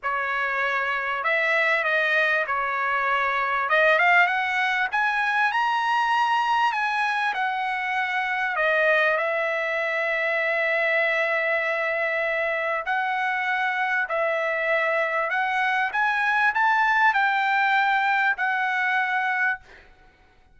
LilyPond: \new Staff \with { instrumentName = "trumpet" } { \time 4/4 \tempo 4 = 98 cis''2 e''4 dis''4 | cis''2 dis''8 f''8 fis''4 | gis''4 ais''2 gis''4 | fis''2 dis''4 e''4~ |
e''1~ | e''4 fis''2 e''4~ | e''4 fis''4 gis''4 a''4 | g''2 fis''2 | }